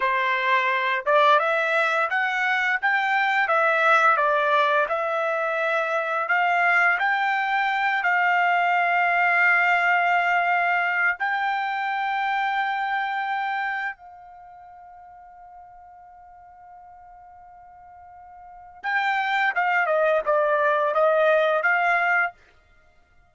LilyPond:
\new Staff \with { instrumentName = "trumpet" } { \time 4/4 \tempo 4 = 86 c''4. d''8 e''4 fis''4 | g''4 e''4 d''4 e''4~ | e''4 f''4 g''4. f''8~ | f''1 |
g''1 | f''1~ | f''2. g''4 | f''8 dis''8 d''4 dis''4 f''4 | }